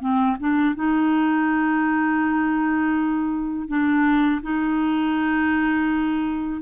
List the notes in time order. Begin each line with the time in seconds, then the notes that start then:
0.00 C4
0.40 D4
0.75 D#4
3.68 D4
4.43 D#4